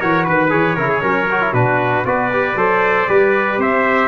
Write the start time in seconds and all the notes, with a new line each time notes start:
0.00 E3 F#4 A#4 C#5
0.25 D#3 B4
0.49 E3 G#4 C#5
0.76 C#3 E4 A#4
0.89 G#4
1.01 F#3 C#4 A#4
1.31 F#4
1.41 E4
1.53 B2 D4 F#4 B4
2.05 B3 F#4 B4 D5
2.33 G4
2.56 F#3 A4 C5
3.08 G3 G4 B4
3.58 C4 C5 E5